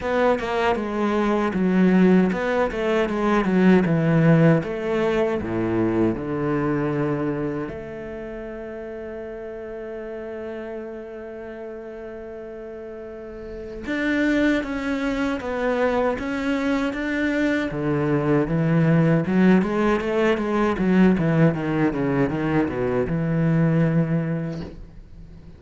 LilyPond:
\new Staff \with { instrumentName = "cello" } { \time 4/4 \tempo 4 = 78 b8 ais8 gis4 fis4 b8 a8 | gis8 fis8 e4 a4 a,4 | d2 a2~ | a1~ |
a2 d'4 cis'4 | b4 cis'4 d'4 d4 | e4 fis8 gis8 a8 gis8 fis8 e8 | dis8 cis8 dis8 b,8 e2 | }